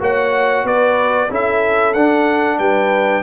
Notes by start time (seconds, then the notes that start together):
0.00 A#3 F#4 C#5 F#5
0.64 B3 B4 D5
1.31 C#4 E4 A4 E5
1.94 D4 F#5
2.59 G3 B4 G5